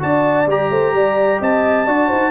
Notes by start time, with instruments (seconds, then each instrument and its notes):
0.00 tuba D4, trombone F#4, horn D5, trumpet A5
0.47 tuba G3, trombone G4, trumpet A#5
0.70 tuba A3, horn C5
0.93 tuba G3, horn D5
1.41 tuba C4, horn D#5, trumpet A5
1.87 tuba D4, trombone F#4, horn D5
2.08 tuba D#4, horn C5